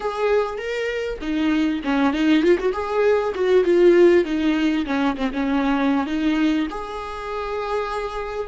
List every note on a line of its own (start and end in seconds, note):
0.00 0.58 G#4
0.58 1.18 A#4
1.21 1.81 D#4
1.83 2.13 C#4
2.13 2.42 D#4
2.42 2.58 F4
2.59 2.72 F#4
2.72 3.33 G#4
3.34 3.64 F#4
3.64 4.24 F4
4.24 4.85 D#4
4.85 5.16 C#4
5.16 5.31 C4
5.33 6.06 C#4
6.06 6.67 D#4
6.70 8.48 G#4